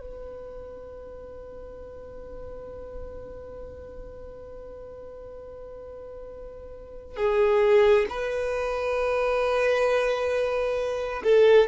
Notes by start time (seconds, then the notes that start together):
0.00 B4
7.16 G#4
8.09 B4
11.23 A4